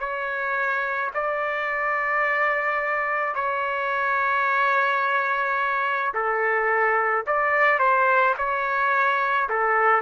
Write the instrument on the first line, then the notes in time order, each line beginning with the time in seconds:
trumpet
0.00 C#5
1.14 D5
3.35 C#5
6.14 A4
7.27 D5
7.79 C5
8.38 C#5
9.49 A4